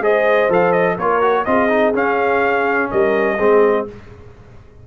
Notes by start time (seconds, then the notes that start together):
0.00 G#3 G#4 C5 D#5
0.49 F3 A4 F5
0.72 D#5
0.96 A#3 F4 A#4 C#5
1.22 F#4
1.45 C4 F4 G#4 D#5
1.69 D#4
1.94 C#4 F5
2.91 G3 A#4 D#5
3.36 G#3 C4 G#4